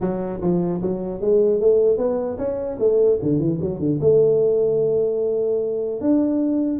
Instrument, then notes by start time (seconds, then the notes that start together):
tuba
0.01 F#3
0.41 F3
0.81 F#3
1.20 G#3
1.60 A3
1.97 B3
2.38 C#4
2.79 A3
3.22 D3
3.39 E3
3.61 F#3
3.79 D3
4.00 A3
6.01 D4